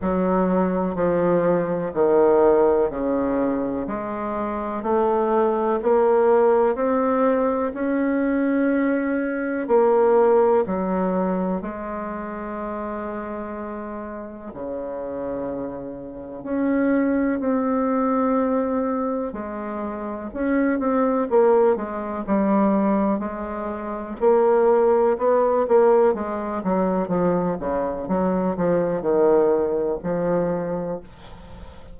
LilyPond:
\new Staff \with { instrumentName = "bassoon" } { \time 4/4 \tempo 4 = 62 fis4 f4 dis4 cis4 | gis4 a4 ais4 c'4 | cis'2 ais4 fis4 | gis2. cis4~ |
cis4 cis'4 c'2 | gis4 cis'8 c'8 ais8 gis8 g4 | gis4 ais4 b8 ais8 gis8 fis8 | f8 cis8 fis8 f8 dis4 f4 | }